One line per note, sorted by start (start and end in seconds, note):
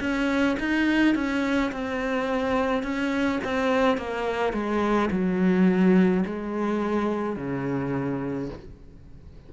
0.00 0.57 C#4
0.60 1.15 D#4
1.15 1.71 C#4
1.72 2.83 C4
2.83 3.40 C#4
3.44 3.97 C4
3.97 4.53 A#3
4.53 5.09 G#3
5.11 6.24 F#3
6.26 7.36 G#3
7.36 8.50 C#3